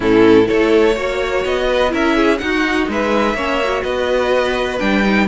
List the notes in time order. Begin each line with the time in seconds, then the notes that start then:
0.00 A2 C#4 E4 A4
0.44 E4 A4 C#5
0.51 A3
0.95 A#3 F#4 C#5
1.45 B3 D#5
1.67 B4
1.89 C#4 E4 A#4 E5
2.16 G#4
2.38 D#4 F#4 F#5
2.88 G#3 B4 E5
3.33 A#3 C#4 C#5
3.64 F#4
3.83 B3 B4 D#5
4.78 G3 D4 G5
5.02 D#4